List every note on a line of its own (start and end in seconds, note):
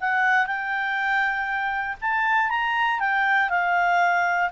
0.00 0.46 F#5
0.46 1.96 G5
2.01 2.49 A5
2.49 2.99 A#5
2.99 3.49 G5
3.49 4.49 F5